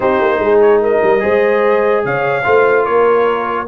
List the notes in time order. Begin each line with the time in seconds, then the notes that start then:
0.00 C4 D#4 G4 C5
0.21 A#3
0.38 G#3 G#4
0.61 C#5
0.81 A#4 D#5
1.02 G3
1.19 G#3 G#4 C5
2.04 C#3 C#5 F5
2.44 A3 F4 C5
2.84 A#3 A#4 C#5